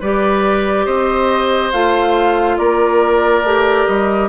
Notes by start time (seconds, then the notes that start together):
0.00 G3 G4 B4 D5
0.85 C4 C5 D#5
1.72 A3 F4 F5
2.57 A#3 A#4 D5
3.43 A3 G4
3.86 G3 D#5